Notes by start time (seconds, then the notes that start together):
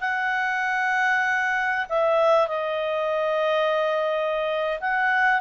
0.00 F#5
1.89 E5
2.47 D#5
4.80 F#5